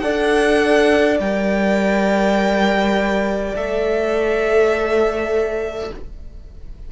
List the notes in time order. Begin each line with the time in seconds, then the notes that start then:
0.00 D4 A4 D5 F#5
1.20 G3 A#4 G5
3.55 A3 A4 E5